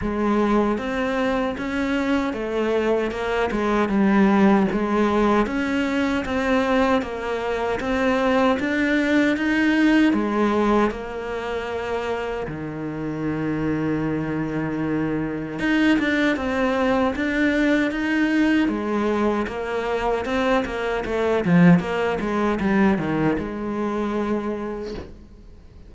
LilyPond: \new Staff \with { instrumentName = "cello" } { \time 4/4 \tempo 4 = 77 gis4 c'4 cis'4 a4 | ais8 gis8 g4 gis4 cis'4 | c'4 ais4 c'4 d'4 | dis'4 gis4 ais2 |
dis1 | dis'8 d'8 c'4 d'4 dis'4 | gis4 ais4 c'8 ais8 a8 f8 | ais8 gis8 g8 dis8 gis2 | }